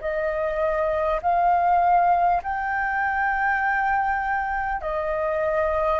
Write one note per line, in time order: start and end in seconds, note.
0.00 1.20 D#5
1.22 2.42 F5
2.43 4.81 G5
4.81 6.00 D#5